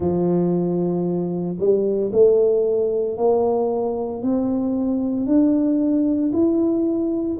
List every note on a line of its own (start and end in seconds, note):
0.00 1.57 F3
1.58 2.11 G3
2.12 3.17 A3
3.17 4.22 A#3
4.22 5.26 C4
5.26 6.32 D4
6.32 7.37 E4